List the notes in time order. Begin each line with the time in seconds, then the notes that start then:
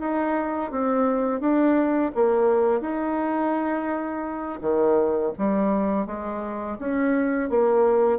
0.00 D#4
0.72 C4
1.41 D4
2.15 A#3
2.81 D#4
4.61 D#3
5.38 G3
6.06 G#3
6.80 C#4
7.50 A#3